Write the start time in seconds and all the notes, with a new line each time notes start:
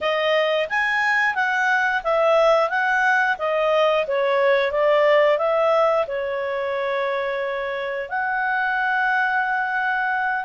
0.00 D#5
0.69 G#5
1.35 F#5
2.03 E5
2.69 F#5
3.38 D#5
4.07 C#5
4.71 D5
5.37 E5
6.07 C#5
8.09 F#5